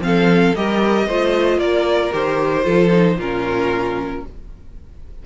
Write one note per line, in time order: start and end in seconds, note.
0.00 0.53 F3
0.00 0.54 C4
0.00 0.56 F5
0.06 0.58 A4
0.56 1.08 G3
0.56 1.09 G4
0.56 1.07 A#4
0.56 1.59 D#5
1.07 1.58 A3
1.07 2.12 F4
1.07 1.59 C5
1.58 2.11 A#3
1.58 2.64 A#4
1.58 2.12 D5
2.12 2.66 D#3
2.12 2.64 G4
2.12 3.20 C5
2.64 3.17 F3
2.64 2.90 F4
2.64 3.17 A4
2.91 3.17 D#4
3.17 4.23 A#2
3.17 4.26 C#4
3.17 4.23 F4
3.17 4.25 A#4